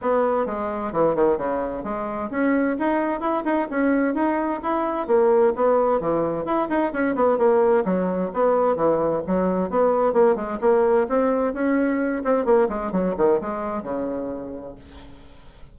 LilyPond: \new Staff \with { instrumentName = "bassoon" } { \time 4/4 \tempo 4 = 130 b4 gis4 e8 dis8 cis4 | gis4 cis'4 dis'4 e'8 dis'8 | cis'4 dis'4 e'4 ais4 | b4 e4 e'8 dis'8 cis'8 b8 |
ais4 fis4 b4 e4 | fis4 b4 ais8 gis8 ais4 | c'4 cis'4. c'8 ais8 gis8 | fis8 dis8 gis4 cis2 | }